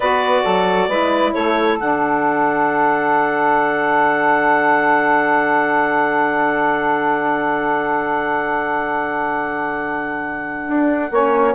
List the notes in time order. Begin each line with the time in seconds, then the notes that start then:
0.00 B3 F#4 B4 D5
0.43 F#3 A4
0.88 G#3 E4 B4
1.33 A3 A4 C#5
1.78 D3 D4 F#5
10.67 D4
11.11 A#3 C#4 C#5